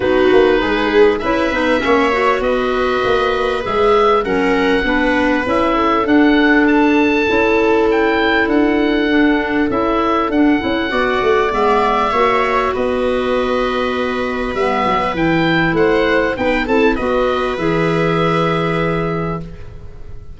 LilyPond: <<
  \new Staff \with { instrumentName = "oboe" } { \time 4/4 \tempo 4 = 99 b'2 e''2 | dis''2 e''4 fis''4~ | fis''4 e''4 fis''4 a''4~ | a''4 g''4 fis''2 |
e''4 fis''2 e''4~ | e''4 dis''2. | e''4 g''4 fis''4 g''8 a''8 | dis''4 e''2. | }
  \new Staff \with { instrumentName = "viola" } { \time 4/4 fis'4 gis'4 b'4 cis''4 | b'2. ais'4 | b'4. a'2~ a'8~ | a'1~ |
a'2 d''2 | cis''4 b'2.~ | b'2 c''4 b'8 a'8 | b'1 | }
  \new Staff \with { instrumentName = "clarinet" } { \time 4/4 dis'2 e'8 dis'8 cis'8 fis'8~ | fis'2 gis'4 cis'4 | d'4 e'4 d'2 | e'2. d'4 |
e'4 d'8 e'8 fis'4 b4 | fis'1 | b4 e'2 dis'8 e'8 | fis'4 gis'2. | }
  \new Staff \with { instrumentName = "tuba" } { \time 4/4 b8 ais8 gis4 cis'8 b8 ais4 | b4 ais4 gis4 fis4 | b4 cis'4 d'2 | cis'2 d'2 |
cis'4 d'8 cis'8 b8 a8 gis4 | ais4 b2. | g8 fis8 e4 a4 b8 c'8 | b4 e2. | }
>>